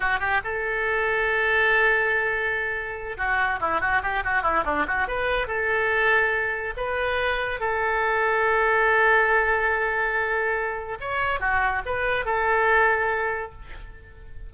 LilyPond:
\new Staff \with { instrumentName = "oboe" } { \time 4/4 \tempo 4 = 142 fis'8 g'8 a'2.~ | a'2.~ a'8 fis'8~ | fis'8 e'8 fis'8 g'8 fis'8 e'8 d'8 fis'8 | b'4 a'2. |
b'2 a'2~ | a'1~ | a'2 cis''4 fis'4 | b'4 a'2. | }